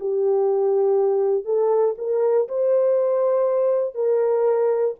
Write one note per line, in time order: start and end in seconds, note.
0.00 1.45 G4
1.45 1.95 A4
1.98 2.48 A#4
2.48 3.95 C5
3.95 4.95 A#4